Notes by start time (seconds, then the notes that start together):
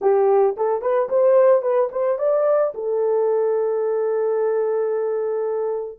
0.01 G4
0.57 A4
0.81 B4
1.09 C5
1.62 B4
1.91 C5
2.18 D5
2.74 A4